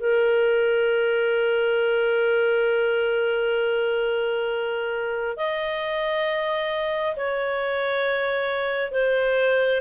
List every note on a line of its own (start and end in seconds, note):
0.00 5.37 A#4
5.37 7.16 D#5
7.16 8.91 C#5
8.91 9.81 C5